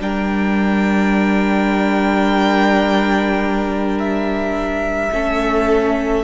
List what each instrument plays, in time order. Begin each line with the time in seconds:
0.00 cello G3, viola D4, violin A#4 G5
3.99 violin E5
5.12 cello A3, viola C#4, violin A4